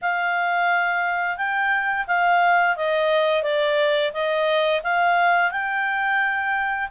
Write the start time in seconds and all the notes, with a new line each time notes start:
0.01 F5
1.37 G5
2.07 F5
2.76 D#5
3.43 D5
4.13 D#5
4.83 F5
5.51 G5